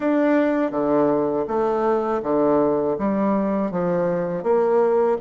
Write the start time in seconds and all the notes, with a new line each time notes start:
0.00 D4
0.71 D3
1.47 A3
2.23 D3
2.98 G3
3.71 F3
4.43 A#3